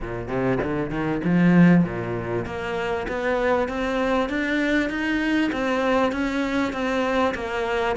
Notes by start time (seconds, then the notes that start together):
0.00 A#2
0.28 C3
0.62 D3
0.90 D#3
1.24 F3
1.84 A#2
2.45 A#3
3.08 B3
3.68 C4
4.29 D4
4.89 D#4
5.52 C4
6.11 C#4
6.73 C4
7.34 A#3